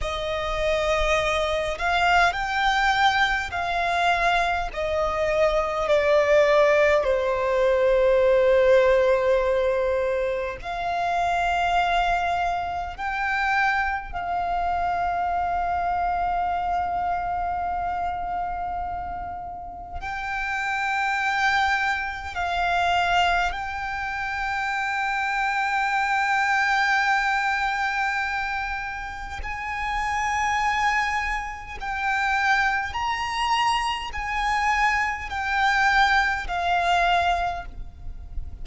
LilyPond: \new Staff \with { instrumentName = "violin" } { \time 4/4 \tempo 4 = 51 dis''4. f''8 g''4 f''4 | dis''4 d''4 c''2~ | c''4 f''2 g''4 | f''1~ |
f''4 g''2 f''4 | g''1~ | g''4 gis''2 g''4 | ais''4 gis''4 g''4 f''4 | }